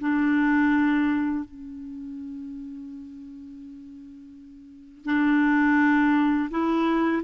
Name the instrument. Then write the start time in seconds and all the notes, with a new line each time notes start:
clarinet
0.00 D4
1.45 C#4
5.05 D4
6.50 E4